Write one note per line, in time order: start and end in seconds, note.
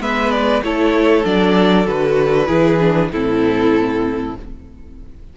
0.00 0.62 G#3
0.00 0.63 B3
0.00 0.64 B4
0.00 0.32 E5
0.32 0.63 D5
0.63 1.25 A3
0.63 1.24 E4
0.63 2.48 A4
0.63 1.26 C#5
1.24 1.87 F#3
1.24 1.86 D4
1.24 1.87 D5
1.87 2.49 D3
1.87 2.47 F#4
1.87 3.11 B4
2.47 3.11 E3
2.47 2.78 E4
2.47 3.10 G#4
2.80 3.11 D4
3.12 4.36 A2
3.12 4.37 C4
3.12 4.37 E4
3.12 4.36 A4